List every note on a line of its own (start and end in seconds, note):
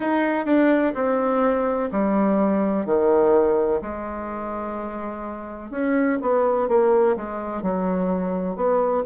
0.00 0.45 D#4
0.45 0.93 D4
0.94 1.89 C4
1.91 2.85 G3
2.85 3.81 D#3
3.81 5.70 G#3
5.70 6.18 C#4
6.21 6.68 B3
6.68 7.16 A#3
7.16 7.62 G#3
7.62 8.56 F#3
8.56 9.03 B3